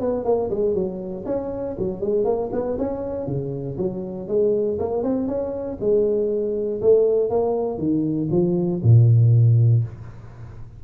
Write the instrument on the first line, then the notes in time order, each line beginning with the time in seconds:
tuba
0.00 B3
0.25 A#3
0.50 G#3
0.74 F#3
1.26 C#4
1.78 F#3
2.00 G#3
2.24 A#3
2.52 B3
2.78 C#4
3.26 C#3
3.77 F#3
4.28 G#3
4.79 A#3
5.03 C4
5.27 C#4
5.80 G#3
6.82 A3
7.30 A#3
7.78 D#3
8.31 F3
8.83 A#2